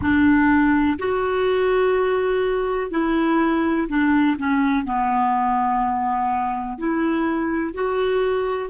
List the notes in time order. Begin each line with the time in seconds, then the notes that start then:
0.01 D4
0.99 F#4
2.90 E4
3.88 D4
4.38 C#4
4.84 B3
6.77 E4
7.74 F#4